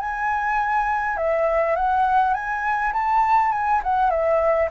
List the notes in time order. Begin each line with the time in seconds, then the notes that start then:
0.00 G#5
1.17 E5
1.76 F#5
2.34 G#5
2.93 A5
3.52 G#5
3.83 F#5
4.10 E5